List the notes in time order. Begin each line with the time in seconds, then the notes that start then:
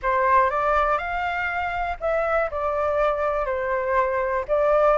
0.02 C5
0.50 D5
0.98 F5
2.00 E5
2.50 D5
3.45 C5
4.47 D5